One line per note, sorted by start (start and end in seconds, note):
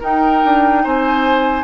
0.00 1.64 D#4
0.00 0.43 D#4
0.00 0.82 A#4
0.00 0.85 G5
0.45 0.85 D4
0.84 1.64 C4
0.84 1.64 C5
0.84 1.64 G#5